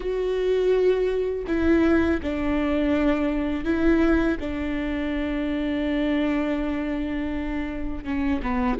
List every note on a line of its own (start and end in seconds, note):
0.00 1.45 F#4
1.47 2.20 E4
2.22 3.64 D4
3.64 4.37 E4
4.39 8.04 D4
8.04 8.40 C#4
8.42 8.78 B3